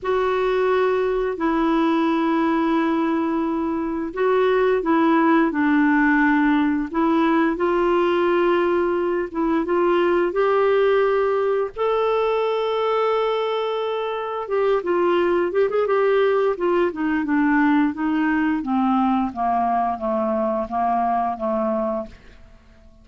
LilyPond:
\new Staff \with { instrumentName = "clarinet" } { \time 4/4 \tempo 4 = 87 fis'2 e'2~ | e'2 fis'4 e'4 | d'2 e'4 f'4~ | f'4. e'8 f'4 g'4~ |
g'4 a'2.~ | a'4 g'8 f'4 g'16 gis'16 g'4 | f'8 dis'8 d'4 dis'4 c'4 | ais4 a4 ais4 a4 | }